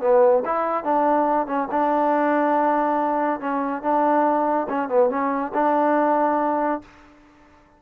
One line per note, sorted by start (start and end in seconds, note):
0.00 0.43 B3
0.45 0.83 E4
0.83 1.46 D4
1.46 1.68 C#4
1.70 3.39 D4
3.39 3.82 C#4
3.82 4.67 D4
4.68 4.88 C#4
4.88 5.09 B3
5.09 5.52 C#4
5.54 6.81 D4